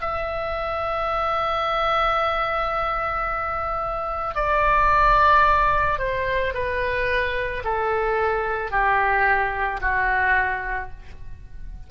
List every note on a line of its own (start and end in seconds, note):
0.00 4.34 E5
4.34 5.98 D5
5.99 6.53 C5
6.54 7.63 B4
7.64 8.71 A4
8.71 9.80 G4
9.81 10.90 F#4